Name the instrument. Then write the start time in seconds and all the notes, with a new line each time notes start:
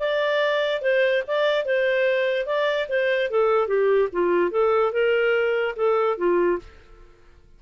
clarinet
0.00 D5
0.82 C5
1.27 D5
1.66 C5
2.46 D5
2.89 C5
3.31 A4
3.68 G4
4.13 F4
4.51 A4
4.93 A#4
5.76 A4
6.18 F4